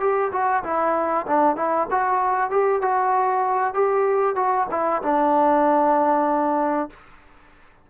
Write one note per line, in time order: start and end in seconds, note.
0.00 0.31 G4
0.32 0.63 F#4
0.64 1.26 E4
1.27 1.56 D4
1.56 1.87 E4
1.91 2.50 F#4
2.50 2.82 G4
2.82 3.74 F#4
3.74 4.36 G4
4.36 4.67 F#4
4.71 5.02 E4
5.02 6.90 D4